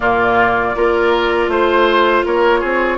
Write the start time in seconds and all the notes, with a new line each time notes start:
0.00 A#2 A#3 F4 D5
0.75 A#3 F4 A#4
1.48 A3 C5
2.25 A#3 A#4 C#5
2.60 C4 G#4